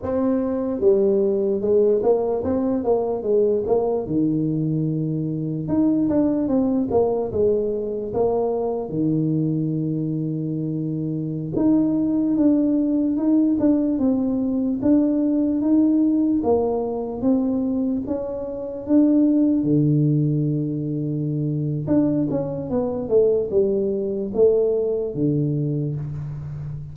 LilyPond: \new Staff \with { instrumentName = "tuba" } { \time 4/4 \tempo 4 = 74 c'4 g4 gis8 ais8 c'8 ais8 | gis8 ais8 dis2 dis'8 d'8 | c'8 ais8 gis4 ais4 dis4~ | dis2~ dis16 dis'4 d'8.~ |
d'16 dis'8 d'8 c'4 d'4 dis'8.~ | dis'16 ais4 c'4 cis'4 d'8.~ | d'16 d2~ d8. d'8 cis'8 | b8 a8 g4 a4 d4 | }